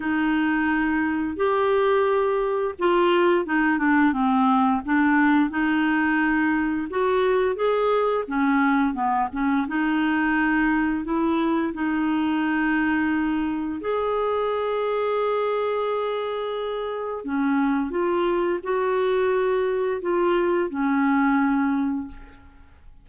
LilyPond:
\new Staff \with { instrumentName = "clarinet" } { \time 4/4 \tempo 4 = 87 dis'2 g'2 | f'4 dis'8 d'8 c'4 d'4 | dis'2 fis'4 gis'4 | cis'4 b8 cis'8 dis'2 |
e'4 dis'2. | gis'1~ | gis'4 cis'4 f'4 fis'4~ | fis'4 f'4 cis'2 | }